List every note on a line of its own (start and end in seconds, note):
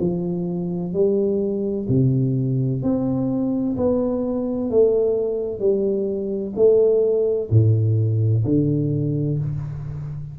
0.00 0.93 F3
0.93 1.87 G3
1.89 2.83 C3
2.83 3.76 C4
3.77 4.70 B3
4.70 5.60 A3
5.60 6.53 G3
6.56 7.50 A3
7.50 8.44 A2
8.45 9.39 D3